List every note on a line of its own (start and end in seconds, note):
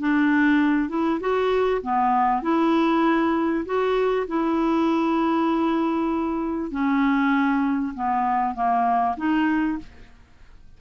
0.00 0.89 D4
0.89 1.20 E4
1.21 1.82 F#4
1.82 2.42 B3
2.42 3.65 E4
3.66 4.27 F#4
4.27 6.71 E4
6.71 7.94 C#4
7.94 8.55 B3
8.55 9.16 A#3
9.17 9.78 D#4